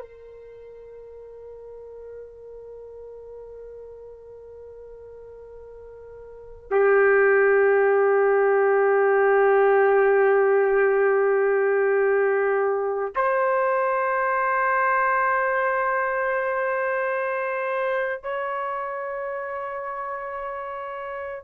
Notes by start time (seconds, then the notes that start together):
0.00 A#4
6.71 G4
13.16 C5
18.23 C#5